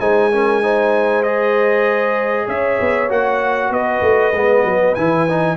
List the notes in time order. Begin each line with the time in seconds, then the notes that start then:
0.00 G#3 D#4 C5 G#5
0.32 C#4 A#4
0.63 D#4 C5
1.23 G#4 D#5
2.47 C#4 C#5 E5
2.81 B3
3.10 A#3 F#4 F#5
3.70 B3 B4 D#5
4.02 A3
4.33 G#3 B3
4.65 F#3
4.95 E3 E4 G#5
5.30 D#4